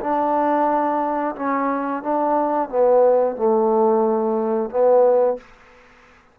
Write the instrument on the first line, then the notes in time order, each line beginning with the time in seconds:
trombone
0.00 D4
1.35 C#4
2.03 D4
2.69 B3
3.36 A3
4.69 B3